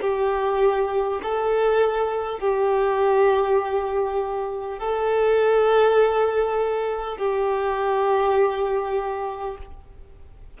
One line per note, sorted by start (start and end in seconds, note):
0.00 1.20 G4
1.22 2.39 A4
2.39 4.78 G4
4.78 7.17 A4
7.17 9.57 G4